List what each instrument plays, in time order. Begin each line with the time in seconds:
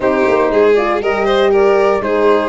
0.00 tuba C4, horn D#4, violin G4, flute C5
0.27 tuba A#3
0.50 tuba G#3, violin G#4
0.74 horn F4, flute D5
1.00 tuba G3, horn G4, violin A#4, flute D#5
1.25 violin C5
1.51 violin A#4, flute D5
2.00 tuba G#3, horn D#4, violin G#4, flute C5